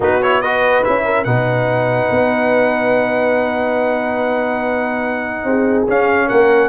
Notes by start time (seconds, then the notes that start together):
0.00 B3 D#4 F#4 B4
0.22 E4 C#5
0.41 F#4 B4 D#5
0.83 C#4 E4 E5
1.04 A#4
1.24 B2 D#4 B4 F#5
2.09 B3
5.43 C4 G#4
5.87 C#4 F5
6.27 A#3 A#4 F#5